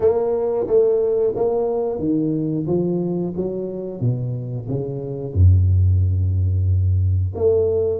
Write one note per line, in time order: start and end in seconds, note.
0.00 0.67 A#3
0.67 1.33 A3
1.35 1.98 A#3
1.98 2.65 D#3
2.67 3.33 F3
3.36 4.00 F#3
4.00 4.67 B2
4.68 5.33 C#3
5.33 7.33 F#2
7.35 7.99 A3